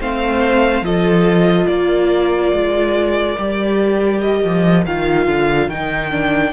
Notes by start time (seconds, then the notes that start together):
0.00 A3 C4 C5 F5
0.82 F3 F4 A4 D#5
1.67 A#3 A#4 D5
2.52 G#3
3.38 G3 G4
4.21 D#5
4.44 F3
4.86 D#3 F4 F5
5.27 D3
5.68 D#3 D#4 G5
6.11 D4